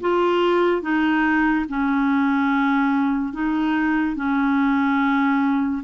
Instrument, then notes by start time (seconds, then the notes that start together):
clarinet
0.00 F4
0.82 D#4
1.68 C#4
3.33 D#4
4.16 C#4